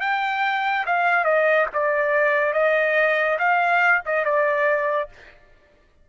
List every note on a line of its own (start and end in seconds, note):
0.00 0.85 G5
0.86 1.24 F5
1.24 1.66 D#5
1.72 2.53 D5
2.53 3.37 D#5
3.38 4.02 F5
4.05 4.24 D#5
4.24 5.09 D5